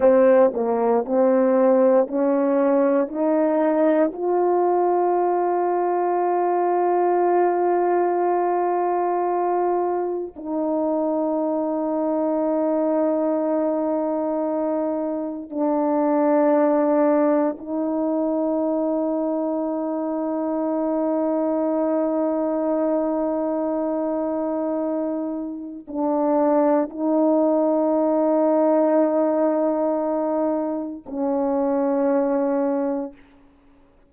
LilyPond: \new Staff \with { instrumentName = "horn" } { \time 4/4 \tempo 4 = 58 c'8 ais8 c'4 cis'4 dis'4 | f'1~ | f'2 dis'2~ | dis'2. d'4~ |
d'4 dis'2.~ | dis'1~ | dis'4 d'4 dis'2~ | dis'2 cis'2 | }